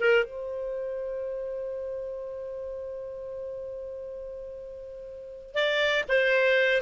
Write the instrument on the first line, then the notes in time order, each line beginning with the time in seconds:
clarinet
0.00 A#4
0.24 C5
5.54 D5
6.09 C5